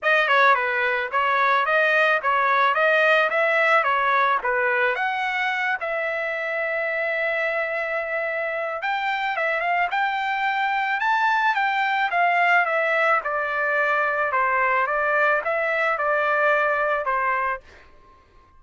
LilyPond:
\new Staff \with { instrumentName = "trumpet" } { \time 4/4 \tempo 4 = 109 dis''8 cis''8 b'4 cis''4 dis''4 | cis''4 dis''4 e''4 cis''4 | b'4 fis''4. e''4.~ | e''1 |
g''4 e''8 f''8 g''2 | a''4 g''4 f''4 e''4 | d''2 c''4 d''4 | e''4 d''2 c''4 | }